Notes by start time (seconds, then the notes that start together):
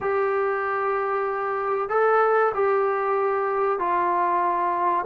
0.00 G4
1.89 A4
2.54 G4
3.79 F4